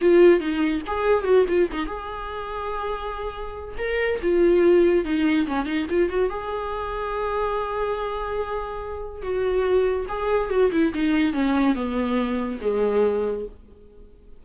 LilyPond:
\new Staff \with { instrumentName = "viola" } { \time 4/4 \tempo 4 = 143 f'4 dis'4 gis'4 fis'8 f'8 | dis'8 gis'2.~ gis'8~ | gis'4 ais'4 f'2 | dis'4 cis'8 dis'8 f'8 fis'8 gis'4~ |
gis'1~ | gis'2 fis'2 | gis'4 fis'8 e'8 dis'4 cis'4 | b2 gis2 | }